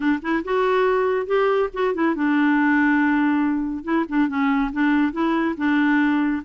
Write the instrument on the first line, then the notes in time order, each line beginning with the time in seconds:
clarinet
0.00 D4
0.21 E4
0.44 F#4
1.26 G4
1.73 F#4
1.94 E4
2.15 D4
3.84 E4
4.08 D4
4.28 C#4
4.72 D4
5.12 E4
5.57 D4